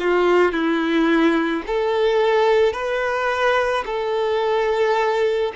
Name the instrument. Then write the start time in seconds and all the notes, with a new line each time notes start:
violin
0.00 F4
0.52 E4
1.67 A4
2.73 B4
3.86 A4